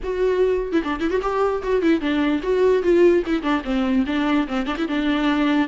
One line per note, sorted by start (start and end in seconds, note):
0.03 0.72 F#4
0.72 0.82 E4
0.84 1.00 D4
1.00 1.10 E4
1.10 1.20 F#4
1.22 1.62 G4
1.63 1.82 F#4
1.82 2.00 E4
2.00 2.41 D4
2.42 2.82 F#4
2.82 3.23 F4
3.26 3.42 E4
3.42 3.62 D4
3.64 4.04 C4
4.06 4.47 D4
4.47 4.66 C4
4.66 4.76 D4
4.77 4.88 E4
4.88 5.68 D4